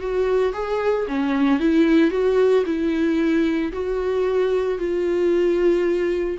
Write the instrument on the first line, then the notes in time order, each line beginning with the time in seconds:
viola
0.00 F#4
0.54 G#4
1.08 C#4
1.60 E4
2.11 F#4
2.66 E4
3.73 F#4
4.78 F4